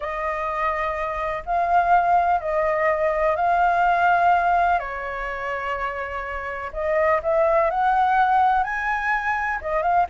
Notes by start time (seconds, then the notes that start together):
0.00 D#5
1.45 F5
2.40 D#5
3.36 F5
4.79 C#5
6.72 D#5
7.22 E5
7.70 F#5
8.63 G#5
9.61 D#5
9.82 F5